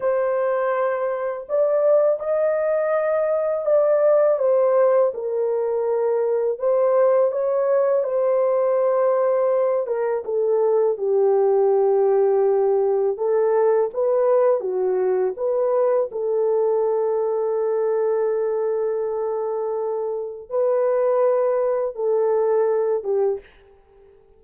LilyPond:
\new Staff \with { instrumentName = "horn" } { \time 4/4 \tempo 4 = 82 c''2 d''4 dis''4~ | dis''4 d''4 c''4 ais'4~ | ais'4 c''4 cis''4 c''4~ | c''4. ais'8 a'4 g'4~ |
g'2 a'4 b'4 | fis'4 b'4 a'2~ | a'1 | b'2 a'4. g'8 | }